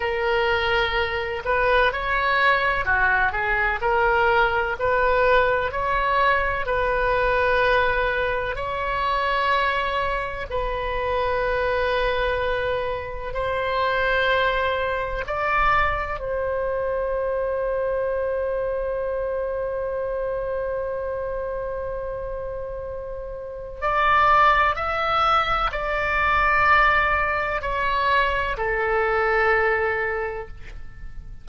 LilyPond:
\new Staff \with { instrumentName = "oboe" } { \time 4/4 \tempo 4 = 63 ais'4. b'8 cis''4 fis'8 gis'8 | ais'4 b'4 cis''4 b'4~ | b'4 cis''2 b'4~ | b'2 c''2 |
d''4 c''2.~ | c''1~ | c''4 d''4 e''4 d''4~ | d''4 cis''4 a'2 | }